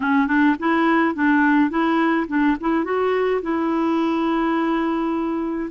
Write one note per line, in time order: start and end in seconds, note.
0.00 0.27 C#4
0.27 0.55 D4
0.59 1.14 E4
1.14 1.69 D4
1.69 2.26 E4
2.27 2.56 D4
2.60 2.84 E4
2.84 3.41 F#4
3.42 5.70 E4